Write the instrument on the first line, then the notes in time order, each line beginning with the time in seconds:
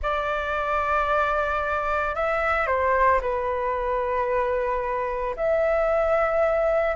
flute
0.02 D5
2.15 E5
2.66 C5
3.21 B4
5.36 E5